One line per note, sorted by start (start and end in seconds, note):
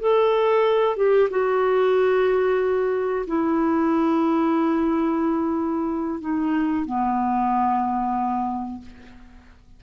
0.00 0.97 A4
0.97 1.29 G4
1.30 3.26 F#4
3.27 6.21 E4
6.21 6.86 D#4
6.86 8.82 B3